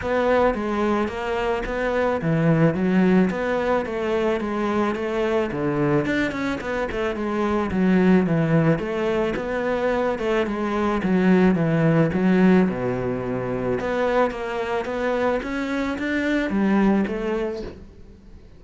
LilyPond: \new Staff \with { instrumentName = "cello" } { \time 4/4 \tempo 4 = 109 b4 gis4 ais4 b4 | e4 fis4 b4 a4 | gis4 a4 d4 d'8 cis'8 | b8 a8 gis4 fis4 e4 |
a4 b4. a8 gis4 | fis4 e4 fis4 b,4~ | b,4 b4 ais4 b4 | cis'4 d'4 g4 a4 | }